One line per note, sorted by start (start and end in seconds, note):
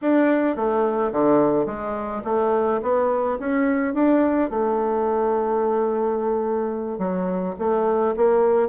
0.01 0.56 D4
0.56 1.12 A3
1.12 1.65 D3
1.65 2.21 G#3
2.24 2.80 A3
2.82 3.38 B3
3.39 3.94 C#4
3.94 4.49 D4
4.49 6.98 A3
6.98 7.54 F#3
7.58 8.14 A3
8.16 8.68 A#3